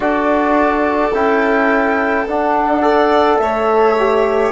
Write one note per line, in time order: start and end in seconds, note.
0.00 1.11 D4
0.00 1.12 F#4
0.00 2.82 A4
0.00 1.14 D5
1.13 2.26 C#4
1.13 2.27 E4
1.13 2.27 G5
2.27 3.39 D4
2.27 2.81 D4
2.27 3.37 F#5
2.81 3.95 A4
2.81 3.38 D5
3.37 4.51 A3
3.37 4.51 C#5
3.37 4.51 E5
3.99 4.51 G4